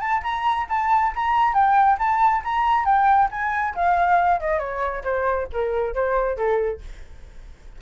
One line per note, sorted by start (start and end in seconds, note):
0.00 0.22 A5
0.23 0.67 A#5
0.69 1.13 A5
1.15 1.53 A#5
1.53 1.97 G5
1.98 2.42 A5
2.44 2.85 A#5
2.85 3.29 G5
3.31 3.74 G#5
3.75 4.40 F5
4.40 4.59 D#5
4.59 5.03 C#5
5.03 5.47 C5
5.52 5.94 A#4
5.94 6.37 C5
6.37 6.80 A4